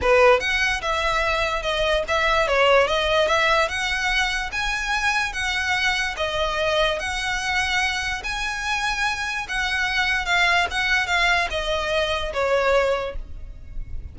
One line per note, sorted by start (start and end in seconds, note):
0.01 0.40 B4
0.40 0.81 F#5
0.81 1.62 E5
1.62 2.03 D#5
2.08 2.47 E5
2.47 2.87 C#5
2.87 3.27 D#5
3.27 3.68 E5
3.68 4.50 F#5
4.52 5.33 G#5
5.33 6.15 F#5
6.16 6.99 D#5
6.99 8.22 F#5
8.23 9.46 G#5
9.48 10.25 F#5
10.25 10.66 F5
10.70 11.07 F#5
11.07 11.48 F5
11.50 12.32 D#5
12.33 13.15 C#5